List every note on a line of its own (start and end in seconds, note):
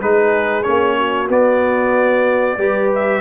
0.00 0.66 G#3
0.00 0.64 D#4
0.00 0.97 G#4
0.00 0.63 B4
0.63 1.29 A#3
0.63 1.28 C#4
0.63 1.28 C#5
0.98 2.59 F#4
1.29 2.58 B3
1.29 2.93 D5
2.58 3.21 G3
2.58 3.21 G4
2.58 3.21 B4
2.95 3.21 E5